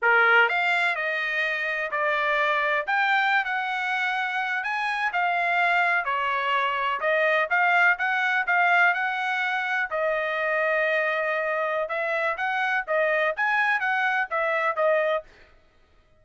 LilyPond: \new Staff \with { instrumentName = "trumpet" } { \time 4/4 \tempo 4 = 126 ais'4 f''4 dis''2 | d''2 g''4~ g''16 fis''8.~ | fis''4.~ fis''16 gis''4 f''4~ f''16~ | f''8. cis''2 dis''4 f''16~ |
f''8. fis''4 f''4 fis''4~ fis''16~ | fis''8. dis''2.~ dis''16~ | dis''4 e''4 fis''4 dis''4 | gis''4 fis''4 e''4 dis''4 | }